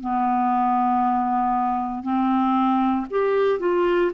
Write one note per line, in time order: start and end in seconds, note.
0.00 2.03 B3
2.03 3.06 C4
3.10 3.59 G4
3.59 4.11 F4